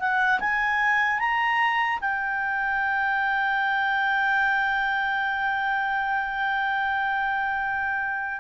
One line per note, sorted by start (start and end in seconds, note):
0.00 0.40 F#5
0.40 1.19 G#5
1.19 1.99 A#5
2.01 8.40 G5